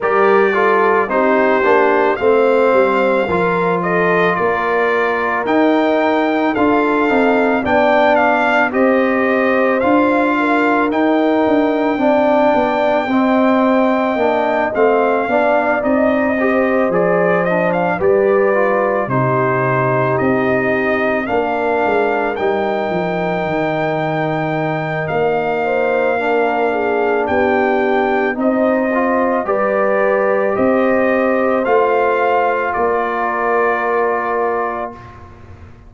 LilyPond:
<<
  \new Staff \with { instrumentName = "trumpet" } { \time 4/4 \tempo 4 = 55 d''4 c''4 f''4. dis''8 | d''4 g''4 f''4 g''8 f''8 | dis''4 f''4 g''2~ | g''4. f''4 dis''4 d''8 |
dis''16 f''16 d''4 c''4 dis''4 f''8~ | f''8 g''2~ g''8 f''4~ | f''4 g''4 dis''4 d''4 | dis''4 f''4 d''2 | }
  \new Staff \with { instrumentName = "horn" } { \time 4/4 ais'8 a'8 g'4 c''4 ais'8 a'8 | ais'2 a'4 d''4 | c''4. ais'4. d''4 | dis''2 d''4 c''4~ |
c''8 b'4 g'2 ais'8~ | ais'2.~ ais'8 c''8 | ais'8 gis'8 g'4 c''4 b'4 | c''2 ais'2 | }
  \new Staff \with { instrumentName = "trombone" } { \time 4/4 g'8 f'8 dis'8 d'8 c'4 f'4~ | f'4 dis'4 f'8 dis'8 d'4 | g'4 f'4 dis'4 d'4 | c'4 d'8 c'8 d'8 dis'8 g'8 gis'8 |
d'8 g'8 f'8 dis'2 d'8~ | d'8 dis'2.~ dis'8 | d'2 dis'8 f'8 g'4~ | g'4 f'2. | }
  \new Staff \with { instrumentName = "tuba" } { \time 4/4 g4 c'8 ais8 a8 g8 f4 | ais4 dis'4 d'8 c'8 b4 | c'4 d'4 dis'8 d'8 c'8 b8 | c'4 ais8 a8 b8 c'4 f8~ |
f8 g4 c4 c'4 ais8 | gis8 g8 f8 dis4. ais4~ | ais4 b4 c'4 g4 | c'4 a4 ais2 | }
>>